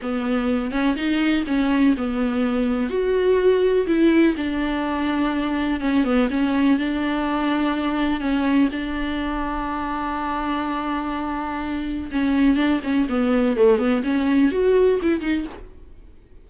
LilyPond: \new Staff \with { instrumentName = "viola" } { \time 4/4 \tempo 4 = 124 b4. cis'8 dis'4 cis'4 | b2 fis'2 | e'4 d'2. | cis'8 b8 cis'4 d'2~ |
d'4 cis'4 d'2~ | d'1~ | d'4 cis'4 d'8 cis'8 b4 | a8 b8 cis'4 fis'4 e'8 dis'8 | }